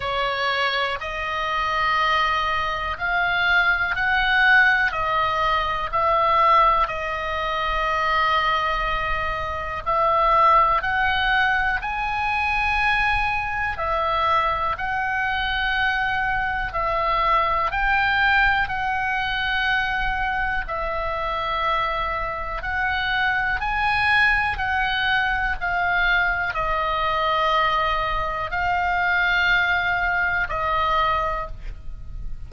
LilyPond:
\new Staff \with { instrumentName = "oboe" } { \time 4/4 \tempo 4 = 61 cis''4 dis''2 f''4 | fis''4 dis''4 e''4 dis''4~ | dis''2 e''4 fis''4 | gis''2 e''4 fis''4~ |
fis''4 e''4 g''4 fis''4~ | fis''4 e''2 fis''4 | gis''4 fis''4 f''4 dis''4~ | dis''4 f''2 dis''4 | }